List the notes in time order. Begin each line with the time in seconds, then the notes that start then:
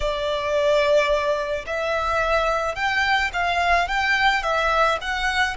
0.00 D5
1.66 E5
2.75 G5
3.33 F5
3.88 G5
4.42 E5
5.01 F#5